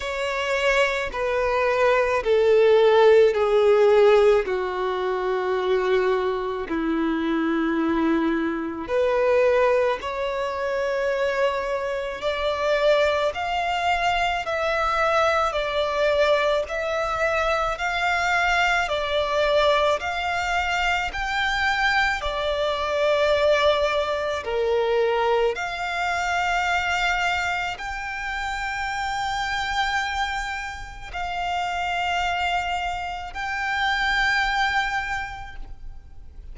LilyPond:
\new Staff \with { instrumentName = "violin" } { \time 4/4 \tempo 4 = 54 cis''4 b'4 a'4 gis'4 | fis'2 e'2 | b'4 cis''2 d''4 | f''4 e''4 d''4 e''4 |
f''4 d''4 f''4 g''4 | d''2 ais'4 f''4~ | f''4 g''2. | f''2 g''2 | }